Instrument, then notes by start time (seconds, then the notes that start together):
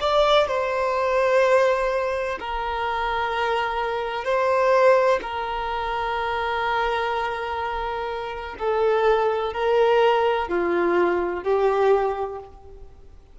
violin
0.00 D5
0.47 C5
2.39 A#4
4.24 C5
5.22 A#4
8.58 A4
9.53 A#4
10.48 F4
11.43 G4